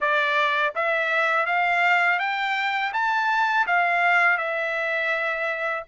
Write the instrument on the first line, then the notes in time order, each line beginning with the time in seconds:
trumpet
0.00 D5
0.75 E5
1.46 F5
2.19 G5
2.93 A5
3.67 F5
4.37 E5